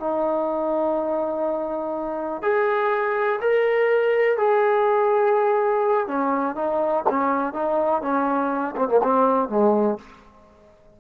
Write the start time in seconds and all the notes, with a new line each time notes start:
0.00 D#4
2.42 G#4
3.41 A#4
4.38 G#4
6.07 C#4
6.56 D#4
7.10 C#4
7.53 D#4
8.02 C#4
8.76 C4
8.88 A#3
9.03 C4
9.49 G#3